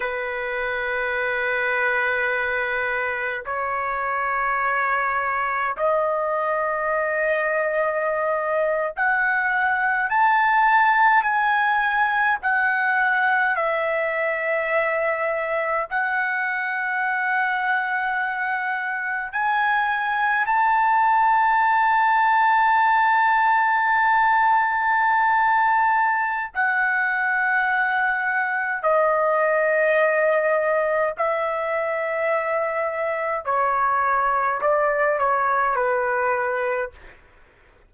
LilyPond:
\new Staff \with { instrumentName = "trumpet" } { \time 4/4 \tempo 4 = 52 b'2. cis''4~ | cis''4 dis''2~ dis''8. fis''16~ | fis''8. a''4 gis''4 fis''4 e''16~ | e''4.~ e''16 fis''2~ fis''16~ |
fis''8. gis''4 a''2~ a''16~ | a''2. fis''4~ | fis''4 dis''2 e''4~ | e''4 cis''4 d''8 cis''8 b'4 | }